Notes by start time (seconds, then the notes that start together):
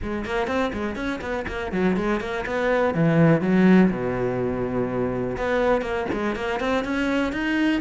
0.02 G#3
0.25 A#3
0.47 C4
0.73 G#3
0.95 C#4
1.21 B3
1.47 A#3
1.72 F#3
1.96 G#3
2.20 A#3
2.45 B3
2.94 E3
3.41 F#3
3.90 B2
5.37 B3
5.81 A#3
6.12 G#3
6.35 A#3
6.60 C4
6.84 C#4
7.32 D#4